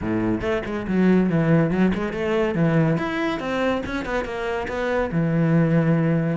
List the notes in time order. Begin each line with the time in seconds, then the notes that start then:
0.01 A2
0.41 A3
0.65 G#3
0.87 F#3
1.29 E3
1.70 F#3
1.94 G#3
2.13 A3
2.55 E3
2.97 E4
3.39 C4
3.85 C#4
4.05 B3
4.24 A#3
4.68 B3
5.11 E3